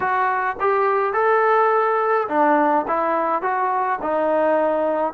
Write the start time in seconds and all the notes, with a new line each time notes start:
0.00 F#4
0.60 G4
1.13 A4
2.28 D4
2.87 E4
3.42 F#4
4.02 D#4